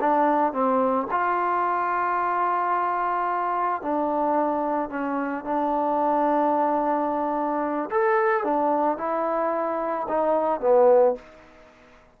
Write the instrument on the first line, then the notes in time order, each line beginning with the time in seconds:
trombone
0.00 D4
0.52 C4
1.10 F4
3.82 D4
4.89 C#4
5.44 D4
7.90 A4
8.43 D4
8.97 E4
10.08 D#4
10.60 B3